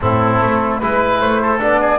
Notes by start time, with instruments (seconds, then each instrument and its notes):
0.00 double bass A2, trombone C4, oboe E4, flute A4
0.40 double bass A3
0.78 double bass G#3, trombone E4, flute B4, oboe B4
1.20 double bass A3, flute C5
1.41 oboe A4
1.58 double bass B3, trombone D4, flute D5
1.80 oboe G#4